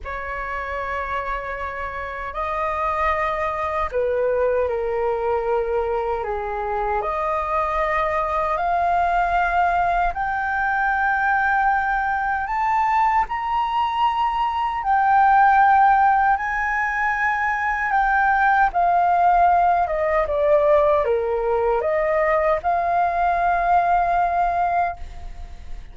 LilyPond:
\new Staff \with { instrumentName = "flute" } { \time 4/4 \tempo 4 = 77 cis''2. dis''4~ | dis''4 b'4 ais'2 | gis'4 dis''2 f''4~ | f''4 g''2. |
a''4 ais''2 g''4~ | g''4 gis''2 g''4 | f''4. dis''8 d''4 ais'4 | dis''4 f''2. | }